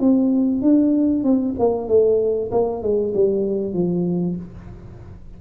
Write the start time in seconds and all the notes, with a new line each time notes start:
0.00 C4
0.62 D4
1.24 C4
1.59 A#3
1.88 A3
2.51 A#3
2.83 G#3
3.14 G3
3.74 F3